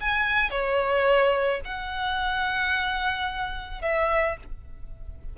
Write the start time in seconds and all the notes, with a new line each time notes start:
0.00 G#5
0.50 C#5
1.65 F#5
3.81 E5